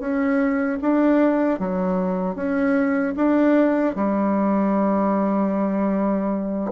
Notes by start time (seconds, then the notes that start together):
0.00 C#4
0.82 D4
1.60 F#3
2.36 C#4
3.17 D4
3.96 G3